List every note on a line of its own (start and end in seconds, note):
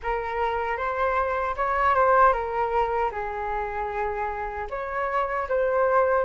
0.02 0.77 A#4
0.77 1.55 C5
1.56 1.94 C#5
1.94 2.32 C5
2.32 3.10 A#4
3.11 4.67 G#4
4.70 5.48 C#5
5.48 6.24 C5